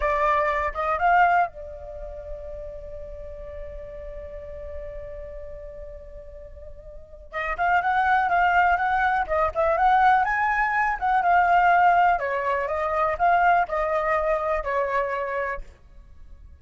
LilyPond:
\new Staff \with { instrumentName = "flute" } { \time 4/4 \tempo 4 = 123 d''4. dis''8 f''4 d''4~ | d''1~ | d''1~ | d''2. dis''8 f''8 |
fis''4 f''4 fis''4 dis''8 e''8 | fis''4 gis''4. fis''8 f''4~ | f''4 cis''4 dis''4 f''4 | dis''2 cis''2 | }